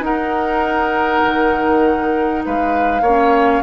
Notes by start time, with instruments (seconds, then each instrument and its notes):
0.00 bassoon D#4, clarinet D#4, oboe A#4, flute F#5
1.24 bassoon D#3
2.46 bassoon G#3, oboe B4, flute F5
3.02 bassoon A#3, oboe C#5
3.08 clarinet C#4